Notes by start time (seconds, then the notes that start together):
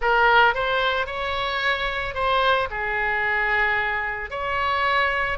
0.01 A#4
0.54 C5
1.06 C#5
2.14 C5
2.70 G#4
4.30 C#5